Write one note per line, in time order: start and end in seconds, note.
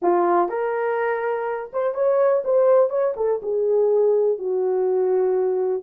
0.01 0.49 F4
0.49 1.71 A#4
1.72 1.94 C5
1.94 2.43 C#5
2.44 2.89 C5
2.89 3.14 C#5
3.16 3.40 A4
3.42 4.38 G#4
4.38 5.82 F#4